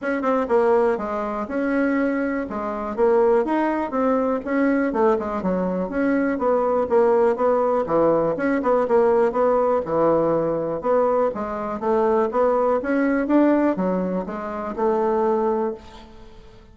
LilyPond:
\new Staff \with { instrumentName = "bassoon" } { \time 4/4 \tempo 4 = 122 cis'8 c'8 ais4 gis4 cis'4~ | cis'4 gis4 ais4 dis'4 | c'4 cis'4 a8 gis8 fis4 | cis'4 b4 ais4 b4 |
e4 cis'8 b8 ais4 b4 | e2 b4 gis4 | a4 b4 cis'4 d'4 | fis4 gis4 a2 | }